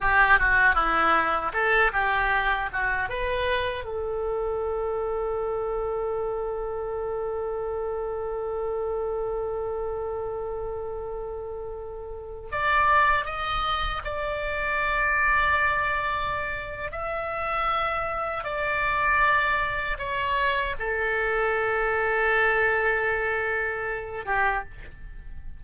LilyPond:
\new Staff \with { instrumentName = "oboe" } { \time 4/4 \tempo 4 = 78 g'8 fis'8 e'4 a'8 g'4 fis'8 | b'4 a'2.~ | a'1~ | a'1~ |
a'16 d''4 dis''4 d''4.~ d''16~ | d''2 e''2 | d''2 cis''4 a'4~ | a'2.~ a'8 g'8 | }